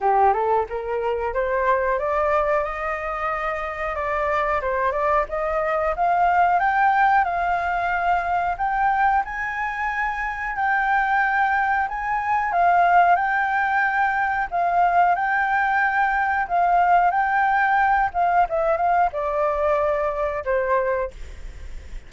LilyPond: \new Staff \with { instrumentName = "flute" } { \time 4/4 \tempo 4 = 91 g'8 a'8 ais'4 c''4 d''4 | dis''2 d''4 c''8 d''8 | dis''4 f''4 g''4 f''4~ | f''4 g''4 gis''2 |
g''2 gis''4 f''4 | g''2 f''4 g''4~ | g''4 f''4 g''4. f''8 | e''8 f''8 d''2 c''4 | }